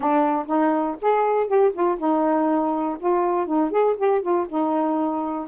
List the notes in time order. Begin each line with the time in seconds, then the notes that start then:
0.00 D4
0.47 D#4
1.01 G#4
1.47 G4
1.73 F4
1.98 D#4
2.99 F4
3.46 D#4
3.70 G#4
3.97 G4
4.21 F4
4.49 D#4